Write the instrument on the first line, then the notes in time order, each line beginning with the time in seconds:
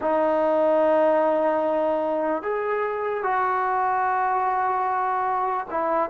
trombone
0.01 D#4
2.42 G#4
3.23 F#4
5.70 E4